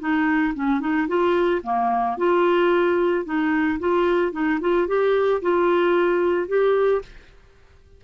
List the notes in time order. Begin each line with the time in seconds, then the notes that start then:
0.00 D#4
0.55 C#4
0.81 D#4
1.08 F4
1.63 A#3
2.18 F4
3.25 D#4
3.80 F4
4.33 D#4
4.61 F4
4.87 G4
5.42 F4
6.48 G4